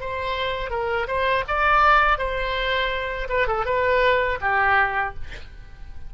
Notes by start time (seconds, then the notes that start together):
0.00 C5
0.70 A#4
1.07 C5
1.47 D5
2.18 C5
3.29 B4
3.47 A4
3.65 B4
4.41 G4